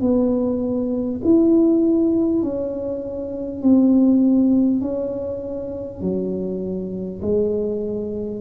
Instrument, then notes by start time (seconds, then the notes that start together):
tuba
0.00 B3
1.24 E4
2.42 C#4
3.62 C4
4.81 C#4
6.01 F#3
7.21 G#3